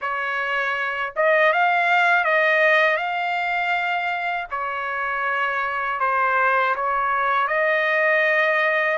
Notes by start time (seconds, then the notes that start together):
0.01 C#5
1.16 D#5
1.52 F5
2.24 D#5
2.96 F5
4.50 C#5
6.00 C5
6.75 C#5
7.47 D#5